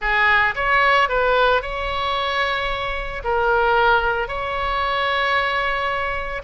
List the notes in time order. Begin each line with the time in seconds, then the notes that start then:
0.01 G#4
0.55 C#5
1.08 B4
1.61 C#5
3.24 A#4
4.28 C#5